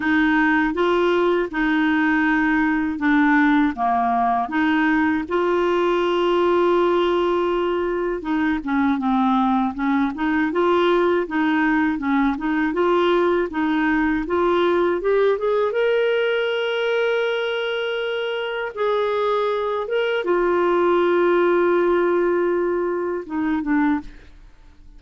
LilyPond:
\new Staff \with { instrumentName = "clarinet" } { \time 4/4 \tempo 4 = 80 dis'4 f'4 dis'2 | d'4 ais4 dis'4 f'4~ | f'2. dis'8 cis'8 | c'4 cis'8 dis'8 f'4 dis'4 |
cis'8 dis'8 f'4 dis'4 f'4 | g'8 gis'8 ais'2.~ | ais'4 gis'4. ais'8 f'4~ | f'2. dis'8 d'8 | }